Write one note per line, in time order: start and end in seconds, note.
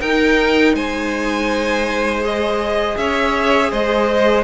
0.00 0.73 D#4
0.00 2.21 D#4
0.00 0.75 A#4
0.00 0.74 G5
0.73 2.95 G#3
0.73 2.97 C5
0.73 2.23 G#5
2.21 4.43 G#4
2.21 2.97 D#5
2.96 3.70 C#4
2.96 3.70 C#5
2.96 3.71 E5
3.70 4.43 G#3
3.70 4.43 C5
3.70 4.43 D#5